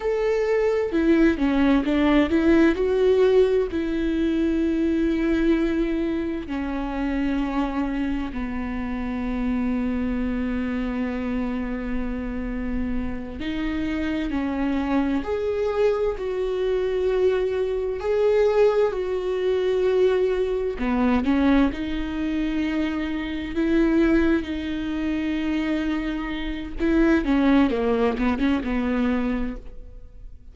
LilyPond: \new Staff \with { instrumentName = "viola" } { \time 4/4 \tempo 4 = 65 a'4 e'8 cis'8 d'8 e'8 fis'4 | e'2. cis'4~ | cis'4 b2.~ | b2~ b8 dis'4 cis'8~ |
cis'8 gis'4 fis'2 gis'8~ | gis'8 fis'2 b8 cis'8 dis'8~ | dis'4. e'4 dis'4.~ | dis'4 e'8 cis'8 ais8 b16 cis'16 b4 | }